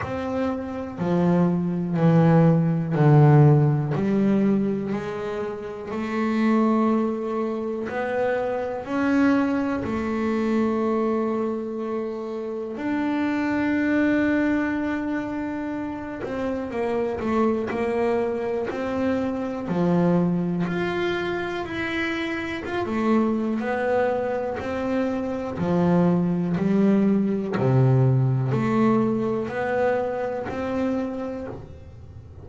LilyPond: \new Staff \with { instrumentName = "double bass" } { \time 4/4 \tempo 4 = 61 c'4 f4 e4 d4 | g4 gis4 a2 | b4 cis'4 a2~ | a4 d'2.~ |
d'8 c'8 ais8 a8 ais4 c'4 | f4 f'4 e'4 f'16 a8. | b4 c'4 f4 g4 | c4 a4 b4 c'4 | }